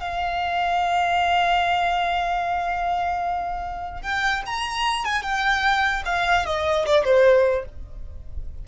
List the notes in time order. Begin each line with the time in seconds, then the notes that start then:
0.00 F5
4.02 G5
4.46 A#5
5.05 G#5
5.22 G5
6.05 F5
6.45 D#5
6.86 D5
7.04 C5